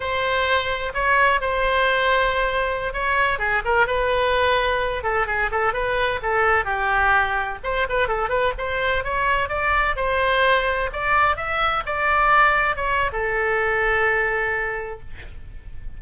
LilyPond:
\new Staff \with { instrumentName = "oboe" } { \time 4/4 \tempo 4 = 128 c''2 cis''4 c''4~ | c''2~ c''16 cis''4 gis'8 ais'16~ | ais'16 b'2~ b'8 a'8 gis'8 a'16~ | a'16 b'4 a'4 g'4.~ g'16~ |
g'16 c''8 b'8 a'8 b'8 c''4 cis''8.~ | cis''16 d''4 c''2 d''8.~ | d''16 e''4 d''2 cis''8. | a'1 | }